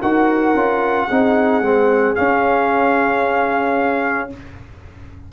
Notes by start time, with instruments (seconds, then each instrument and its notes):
0.00 tuba D#4, trombone F#4, horn A#4, trumpet F#5
0.54 tuba C#4, trombone F4
1.06 tuba C4, trombone D#4, horn G#4
1.60 tuba G#3, trombone C4
2.15 trombone C#4, tuba C#4, trumpet F5